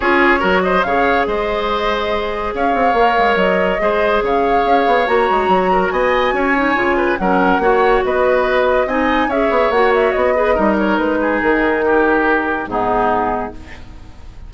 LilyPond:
<<
  \new Staff \with { instrumentName = "flute" } { \time 4/4 \tempo 4 = 142 cis''4. dis''8 f''4 dis''4~ | dis''2 f''2 | dis''2 f''2 | ais''2 gis''2~ |
gis''4 fis''2 dis''4~ | dis''4 gis''4 e''4 fis''8 e''8 | dis''4. cis''8 b'4 ais'4~ | ais'2 gis'2 | }
  \new Staff \with { instrumentName = "oboe" } { \time 4/4 gis'4 ais'8 c''8 cis''4 c''4~ | c''2 cis''2~ | cis''4 c''4 cis''2~ | cis''4. ais'8 dis''4 cis''4~ |
cis''8 b'8 ais'4 cis''4 b'4~ | b'4 dis''4 cis''2~ | cis''8 b'8 ais'4. gis'4. | g'2 dis'2 | }
  \new Staff \with { instrumentName = "clarinet" } { \time 4/4 f'4 fis'4 gis'2~ | gis'2. ais'4~ | ais'4 gis'2. | fis'2.~ fis'8 dis'8 |
f'4 cis'4 fis'2~ | fis'4 dis'4 gis'4 fis'4~ | fis'8 gis'8 dis'2.~ | dis'2 b2 | }
  \new Staff \with { instrumentName = "bassoon" } { \time 4/4 cis'4 fis4 cis4 gis4~ | gis2 cis'8 c'8 ais8 gis8 | fis4 gis4 cis4 cis'8 b8 | ais8 gis8 fis4 b4 cis'4 |
cis4 fis4 ais4 b4~ | b4 c'4 cis'8 b8 ais4 | b4 g4 gis4 dis4~ | dis2 gis,2 | }
>>